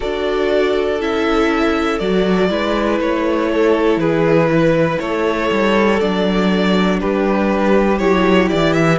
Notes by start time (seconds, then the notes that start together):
0.00 D4 F#4 A4 D5
1.00 C#4 E4 E5
1.99 F#3 F#4 D5
2.49 G#3 E4 B4
3.00 A3 C#5
3.51 A4
3.96 E3 G#4 B4
4.51 B4
4.99 A3 A4 C#5
5.51 G3
5.99 F#3 D4 D5
7.00 G3 G4 B4
7.98 F#3 E4 C#5
8.49 E3 D5
8.72 E5